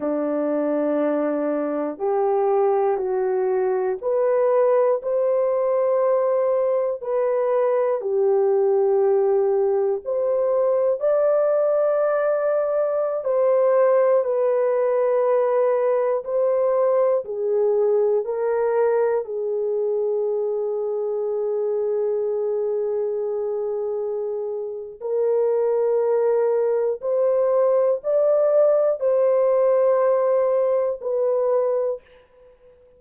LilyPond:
\new Staff \with { instrumentName = "horn" } { \time 4/4 \tempo 4 = 60 d'2 g'4 fis'4 | b'4 c''2 b'4 | g'2 c''4 d''4~ | d''4~ d''16 c''4 b'4.~ b'16~ |
b'16 c''4 gis'4 ais'4 gis'8.~ | gis'1~ | gis'4 ais'2 c''4 | d''4 c''2 b'4 | }